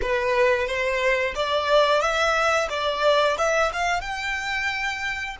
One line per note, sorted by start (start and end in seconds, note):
0.01 0.67 B4
0.67 1.34 C5
1.35 2.01 D5
2.01 2.68 E5
2.69 3.36 D5
3.37 3.71 E5
3.73 4.01 F5
4.01 5.36 G5